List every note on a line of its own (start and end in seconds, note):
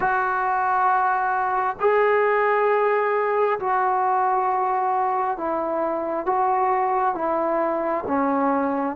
0.00 1.76 F#4
1.80 3.59 G#4
3.59 5.37 F#4
5.37 6.26 E4
6.26 7.14 F#4
7.14 8.04 E4
8.07 8.96 C#4